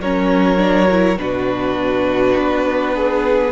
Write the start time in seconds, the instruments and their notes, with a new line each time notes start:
0.00 cello F#3, viola C#4, violin A#4 C#5
0.58 viola D4
0.91 viola E4
1.18 cello B2, viola D4, violin F#4 B4
2.37 cello B3
2.95 violin G#4